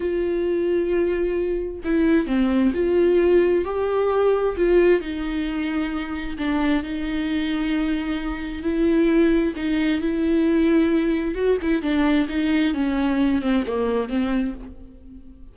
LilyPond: \new Staff \with { instrumentName = "viola" } { \time 4/4 \tempo 4 = 132 f'1 | e'4 c'4 f'2 | g'2 f'4 dis'4~ | dis'2 d'4 dis'4~ |
dis'2. e'4~ | e'4 dis'4 e'2~ | e'4 fis'8 e'8 d'4 dis'4 | cis'4. c'8 ais4 c'4 | }